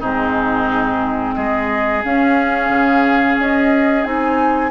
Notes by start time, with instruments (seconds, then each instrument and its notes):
0.00 bassoon G#2, clarinet C4, oboe D#4, flute G#4
1.35 bassoon G#3, oboe G#4, flute D#5
2.04 clarinet C#4, bassoon C#4, flute F5
2.69 bassoon C#3
3.38 bassoon C#4, flute D#5
4.04 bassoon C4, clarinet D#4, flute G#5